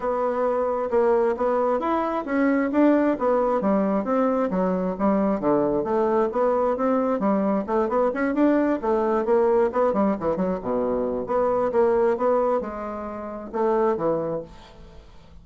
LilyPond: \new Staff \with { instrumentName = "bassoon" } { \time 4/4 \tempo 4 = 133 b2 ais4 b4 | e'4 cis'4 d'4 b4 | g4 c'4 fis4 g4 | d4 a4 b4 c'4 |
g4 a8 b8 cis'8 d'4 a8~ | a8 ais4 b8 g8 e8 fis8 b,8~ | b,4 b4 ais4 b4 | gis2 a4 e4 | }